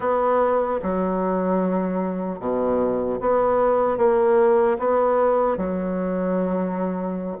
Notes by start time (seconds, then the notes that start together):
0.00 B3
0.82 F#3
2.39 B2
3.20 B3
3.97 A#3
4.79 B3
5.57 F#3